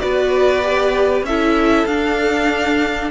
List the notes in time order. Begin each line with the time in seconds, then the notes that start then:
0.00 B3 F#4 B4 D5
0.62 G4
1.23 C#4 A4 E5
1.29 E4
1.86 D4 F5